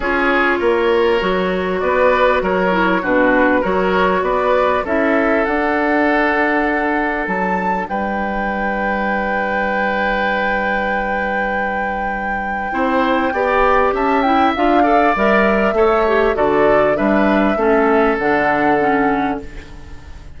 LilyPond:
<<
  \new Staff \with { instrumentName = "flute" } { \time 4/4 \tempo 4 = 99 cis''2. d''4 | cis''4 b'4 cis''4 d''4 | e''4 fis''2. | a''4 g''2.~ |
g''1~ | g''2. a''8 g''8 | f''4 e''2 d''4 | e''2 fis''2 | }
  \new Staff \with { instrumentName = "oboe" } { \time 4/4 gis'4 ais'2 b'4 | ais'4 fis'4 ais'4 b'4 | a'1~ | a'4 b'2.~ |
b'1~ | b'4 c''4 d''4 e''4~ | e''8 d''4. cis''4 a'4 | b'4 a'2. | }
  \new Staff \with { instrumentName = "clarinet" } { \time 4/4 f'2 fis'2~ | fis'8 e'8 d'4 fis'2 | e'4 d'2.~ | d'1~ |
d'1~ | d'4 e'4 g'4. e'8 | f'8 a'8 ais'4 a'8 g'8 fis'4 | d'4 cis'4 d'4 cis'4 | }
  \new Staff \with { instrumentName = "bassoon" } { \time 4/4 cis'4 ais4 fis4 b4 | fis4 b,4 fis4 b4 | cis'4 d'2. | fis4 g2.~ |
g1~ | g4 c'4 b4 cis'4 | d'4 g4 a4 d4 | g4 a4 d2 | }
>>